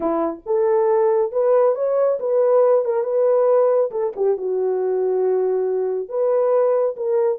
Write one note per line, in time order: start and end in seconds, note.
0.00 0.41 E4
0.46 1.31 A4
1.31 1.75 B4
1.75 2.18 C#5
2.19 2.84 B4
2.84 3.03 A#4
3.03 3.90 B4
3.91 4.13 A4
4.15 4.37 G4
4.37 6.08 F#4
6.08 6.95 B4
6.96 7.38 A#4